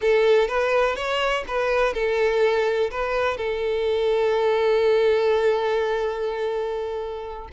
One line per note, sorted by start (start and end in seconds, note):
0.01 0.48 A4
0.48 0.95 B4
0.95 1.43 C#5
1.47 1.93 B4
1.93 2.90 A4
2.90 3.37 B4
3.37 7.48 A4